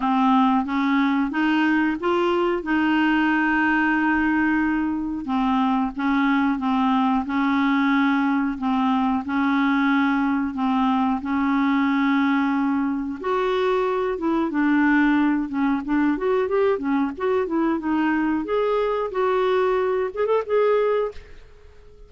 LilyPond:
\new Staff \with { instrumentName = "clarinet" } { \time 4/4 \tempo 4 = 91 c'4 cis'4 dis'4 f'4 | dis'1 | c'4 cis'4 c'4 cis'4~ | cis'4 c'4 cis'2 |
c'4 cis'2. | fis'4. e'8 d'4. cis'8 | d'8 fis'8 g'8 cis'8 fis'8 e'8 dis'4 | gis'4 fis'4. gis'16 a'16 gis'4 | }